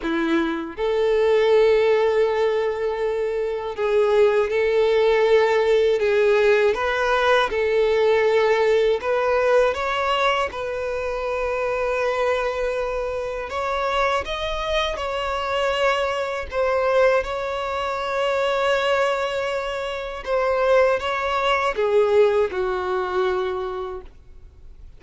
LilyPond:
\new Staff \with { instrumentName = "violin" } { \time 4/4 \tempo 4 = 80 e'4 a'2.~ | a'4 gis'4 a'2 | gis'4 b'4 a'2 | b'4 cis''4 b'2~ |
b'2 cis''4 dis''4 | cis''2 c''4 cis''4~ | cis''2. c''4 | cis''4 gis'4 fis'2 | }